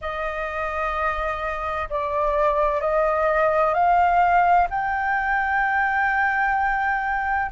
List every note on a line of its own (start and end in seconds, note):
0.01 1.88 D#5
1.89 2.80 D5
2.80 3.73 D#5
3.73 4.67 F5
4.70 7.51 G5